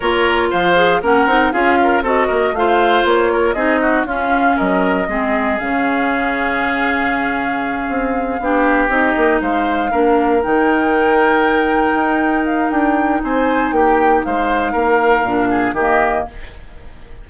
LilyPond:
<<
  \new Staff \with { instrumentName = "flute" } { \time 4/4 \tempo 4 = 118 cis''4 f''4 fis''4 f''4 | dis''4 f''4 cis''4 dis''4 | f''4 dis''2 f''4~ | f''1~ |
f''4. dis''4 f''4.~ | f''8 g''2.~ g''8~ | g''8 f''8 g''4 gis''4 g''4 | f''2. dis''4 | }
  \new Staff \with { instrumentName = "oboe" } { \time 4/4 ais'4 c''4 ais'4 gis'8 ais'8 | a'8 ais'8 c''4. ais'8 gis'8 fis'8 | f'4 ais'4 gis'2~ | gis'1~ |
gis'8 g'2 c''4 ais'8~ | ais'1~ | ais'2 c''4 g'4 | c''4 ais'4. gis'8 g'4 | }
  \new Staff \with { instrumentName = "clarinet" } { \time 4/4 f'4. gis'8 cis'8 dis'8 f'4 | fis'4 f'2 dis'4 | cis'2 c'4 cis'4~ | cis'1~ |
cis'8 d'4 dis'2 d'8~ | d'8 dis'2.~ dis'8~ | dis'1~ | dis'2 d'4 ais4 | }
  \new Staff \with { instrumentName = "bassoon" } { \time 4/4 ais4 f4 ais8 c'8 cis'4 | c'8 ais8 a4 ais4 c'4 | cis'4 fis4 gis4 cis4~ | cis2.~ cis8 c'8~ |
c'8 b4 c'8 ais8 gis4 ais8~ | ais8 dis2. dis'8~ | dis'4 d'4 c'4 ais4 | gis4 ais4 ais,4 dis4 | }
>>